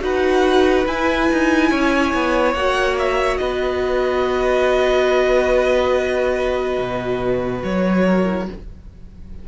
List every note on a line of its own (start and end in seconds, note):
0.00 0.86 D#4
0.00 0.85 F#4
0.00 1.70 B4
0.00 0.87 F#5
0.86 1.28 E4
0.86 2.56 E4
0.86 2.54 G#5
1.32 1.71 D#4
1.70 2.13 C#4
1.70 3.39 C#5
2.13 2.54 B3
2.54 3.38 A#3
2.54 8.23 F#4
2.54 2.96 F#5
2.98 3.37 E5
3.37 6.78 B3
3.37 8.05 B4
3.37 7.60 D#5
6.78 7.62 B2
7.63 8.48 F#3
7.63 8.48 C#5
8.05 8.48 A#4
8.23 8.44 E4